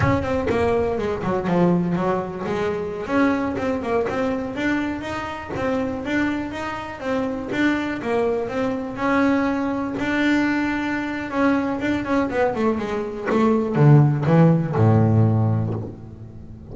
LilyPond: \new Staff \with { instrumentName = "double bass" } { \time 4/4 \tempo 4 = 122 cis'8 c'8 ais4 gis8 fis8 f4 | fis4 gis4~ gis16 cis'4 c'8 ais16~ | ais16 c'4 d'4 dis'4 c'8.~ | c'16 d'4 dis'4 c'4 d'8.~ |
d'16 ais4 c'4 cis'4.~ cis'16~ | cis'16 d'2~ d'8. cis'4 | d'8 cis'8 b8 a8 gis4 a4 | d4 e4 a,2 | }